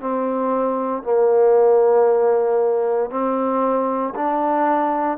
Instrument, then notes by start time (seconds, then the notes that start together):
trombone
0.00 C4
1.03 A#3
3.10 C4
4.15 D4